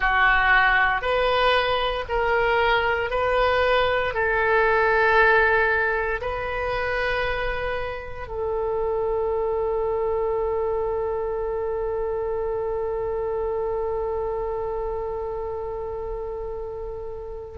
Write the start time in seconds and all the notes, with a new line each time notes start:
0.00 F#4
1.01 B4
2.08 A#4
3.10 B4
4.14 A4
6.21 B4
8.27 A4